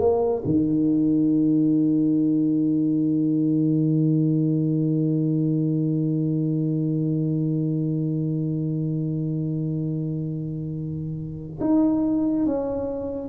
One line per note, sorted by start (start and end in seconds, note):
0.00 0.43 A#3
0.45 11.59 D#3
11.61 12.46 D#4
12.46 13.29 C#4